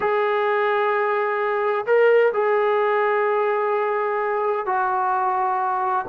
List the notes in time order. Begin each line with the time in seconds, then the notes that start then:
0.00 G#4
1.86 A#4
2.33 G#4
4.66 F#4